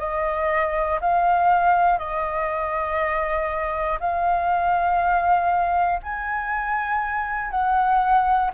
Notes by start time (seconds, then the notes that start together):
0.00 D#5
1.01 F5
1.99 D#5
4.01 F5
6.03 G#5
7.51 F#5